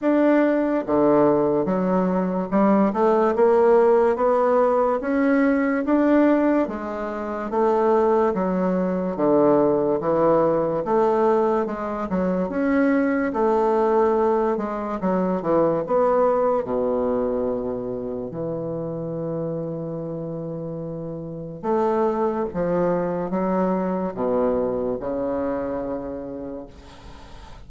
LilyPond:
\new Staff \with { instrumentName = "bassoon" } { \time 4/4 \tempo 4 = 72 d'4 d4 fis4 g8 a8 | ais4 b4 cis'4 d'4 | gis4 a4 fis4 d4 | e4 a4 gis8 fis8 cis'4 |
a4. gis8 fis8 e8 b4 | b,2 e2~ | e2 a4 f4 | fis4 b,4 cis2 | }